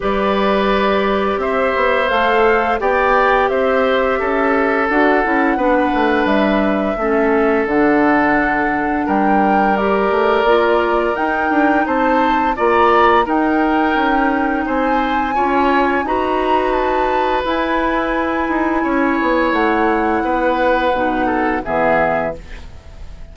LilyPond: <<
  \new Staff \with { instrumentName = "flute" } { \time 4/4 \tempo 4 = 86 d''2 e''4 f''4 | g''4 e''2 fis''4~ | fis''4 e''2 fis''4~ | fis''4 g''4 d''2 |
g''4 a''4 ais''4 g''4~ | g''4 gis''2 ais''4 | a''4 gis''2. | fis''2. e''4 | }
  \new Staff \with { instrumentName = "oboe" } { \time 4/4 b'2 c''2 | d''4 c''4 a'2 | b'2 a'2~ | a'4 ais'2.~ |
ais'4 c''4 d''4 ais'4~ | ais'4 c''4 cis''4 b'4~ | b'2. cis''4~ | cis''4 b'4. a'8 gis'4 | }
  \new Staff \with { instrumentName = "clarinet" } { \time 4/4 g'2. a'4 | g'2. fis'8 e'8 | d'2 cis'4 d'4~ | d'2 g'4 f'4 |
dis'2 f'4 dis'4~ | dis'2 f'4 fis'4~ | fis'4 e'2.~ | e'2 dis'4 b4 | }
  \new Staff \with { instrumentName = "bassoon" } { \time 4/4 g2 c'8 b8 a4 | b4 c'4 cis'4 d'8 cis'8 | b8 a8 g4 a4 d4~ | d4 g4. a8 ais4 |
dis'8 d'8 c'4 ais4 dis'4 | cis'4 c'4 cis'4 dis'4~ | dis'4 e'4. dis'8 cis'8 b8 | a4 b4 b,4 e4 | }
>>